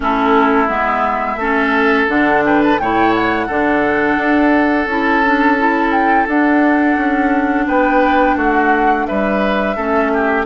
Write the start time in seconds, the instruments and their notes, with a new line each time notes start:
0.00 bassoon A3, clarinet C#4, oboe E4, flute A4
0.67 bassoon G#3, clarinet B3, flute E5
1.36 bassoon A3, clarinet C#4, oboe A4
2.08 bassoon D3, clarinet D4, flute F#5
2.45 oboe B4, flute G5
2.63 flute A5
2.78 bassoon A2, clarinet E4, oboe C#5, flute G5
3.14 flute F#5
3.47 bassoon D3, clarinet D4, oboe A4
4.16 bassoon D4
4.86 bassoon C#4, clarinet E4, flute A5
5.25 clarinet D4
5.57 clarinet E4
5.91 flute G5
6.27 bassoon D4, clarinet D4, flute F#5
6.96 bassoon C#4
7.67 bassoon B3, oboe B4, flute G5
8.35 bassoon A3, oboe F#4, flute F#5
9.06 bassoon G3, oboe B4, flute E5
9.76 bassoon A3, clarinet C#4, oboe A4
10.13 oboe G4